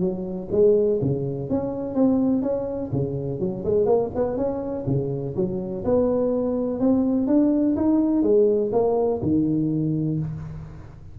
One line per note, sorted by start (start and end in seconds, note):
0.00 0.48 F#3
0.51 1.00 G#3
1.01 1.50 C#3
1.50 1.95 C#4
1.95 2.42 C4
2.42 2.91 C#4
2.92 3.40 C#3
3.40 3.64 F#3
3.65 3.86 G#3
3.86 4.10 A#3
4.15 4.37 B3
4.37 4.85 C#4
4.87 5.35 C#3
5.36 5.84 F#3
5.85 6.80 B3
6.80 7.27 C4
7.27 7.75 D4
7.76 8.23 D#4
8.23 8.71 G#3
8.72 9.21 A#3
9.22 10.19 D#3